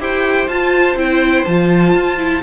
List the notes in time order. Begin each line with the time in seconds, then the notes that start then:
0.00 E4 G4 C5 G5
0.48 F4 A5
0.96 C4 E4 G5
1.45 F3 F4 A5
1.94 F4
2.18 E4